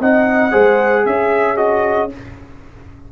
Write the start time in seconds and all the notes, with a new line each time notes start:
0.00 C4 D#4 D#5 F#5
0.51 G#3 G#4 C5
1.06 C#4 G#4 E5
1.57 F#4 D#5